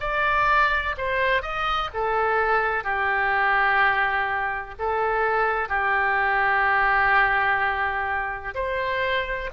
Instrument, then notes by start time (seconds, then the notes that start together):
oboe
0.00 D5
0.97 C5
1.42 D#5
1.94 A4
2.84 G4
4.78 A4
5.68 G4
8.54 C5